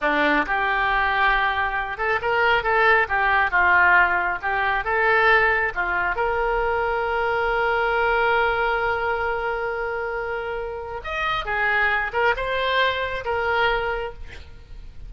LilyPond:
\new Staff \with { instrumentName = "oboe" } { \time 4/4 \tempo 4 = 136 d'4 g'2.~ | g'8 a'8 ais'4 a'4 g'4 | f'2 g'4 a'4~ | a'4 f'4 ais'2~ |
ais'1~ | ais'1~ | ais'4 dis''4 gis'4. ais'8 | c''2 ais'2 | }